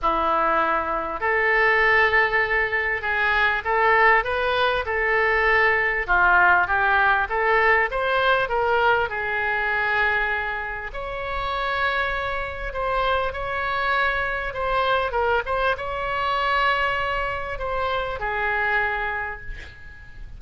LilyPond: \new Staff \with { instrumentName = "oboe" } { \time 4/4 \tempo 4 = 99 e'2 a'2~ | a'4 gis'4 a'4 b'4 | a'2 f'4 g'4 | a'4 c''4 ais'4 gis'4~ |
gis'2 cis''2~ | cis''4 c''4 cis''2 | c''4 ais'8 c''8 cis''2~ | cis''4 c''4 gis'2 | }